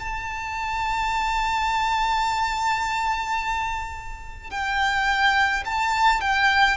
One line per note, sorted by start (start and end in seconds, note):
0.00 4.51 A5
4.51 5.64 G5
5.66 6.22 A5
6.22 6.78 G5